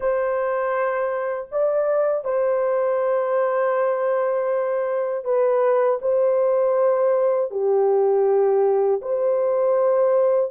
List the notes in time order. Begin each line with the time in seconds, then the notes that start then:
0.00 C5
1.51 D5
2.24 C5
5.24 B4
6.01 C5
7.50 G4
9.01 C5